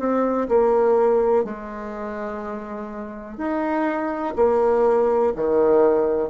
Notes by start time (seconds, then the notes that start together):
0.00 C4
0.49 A#3
1.45 G#3
3.38 D#4
4.36 A#3
5.36 D#3